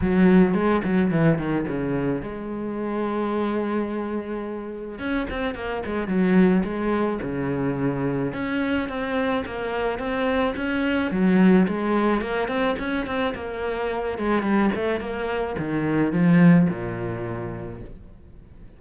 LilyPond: \new Staff \with { instrumentName = "cello" } { \time 4/4 \tempo 4 = 108 fis4 gis8 fis8 e8 dis8 cis4 | gis1~ | gis4 cis'8 c'8 ais8 gis8 fis4 | gis4 cis2 cis'4 |
c'4 ais4 c'4 cis'4 | fis4 gis4 ais8 c'8 cis'8 c'8 | ais4. gis8 g8 a8 ais4 | dis4 f4 ais,2 | }